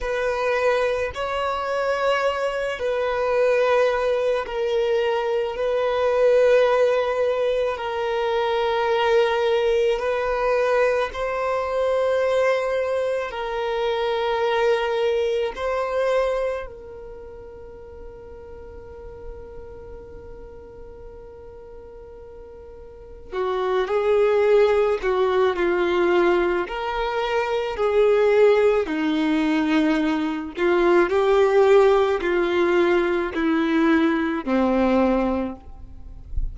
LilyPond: \new Staff \with { instrumentName = "violin" } { \time 4/4 \tempo 4 = 54 b'4 cis''4. b'4. | ais'4 b'2 ais'4~ | ais'4 b'4 c''2 | ais'2 c''4 ais'4~ |
ais'1~ | ais'4 fis'8 gis'4 fis'8 f'4 | ais'4 gis'4 dis'4. f'8 | g'4 f'4 e'4 c'4 | }